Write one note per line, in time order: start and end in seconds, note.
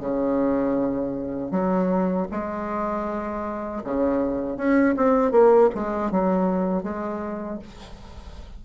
0.00 1.51 C#3
1.51 2.27 F#3
2.31 3.83 G#3
3.84 4.57 C#3
4.57 4.95 C#4
4.97 5.31 C4
5.31 5.69 A#3
5.75 6.11 G#3
6.11 6.83 F#3
6.83 7.59 G#3